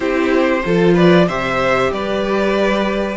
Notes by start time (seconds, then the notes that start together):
0.00 C4 E4 G4 C5
0.64 F3 F4 A4
0.94 B4 D5
1.27 C3 G4 C5 E5
1.91 G3 B4 D5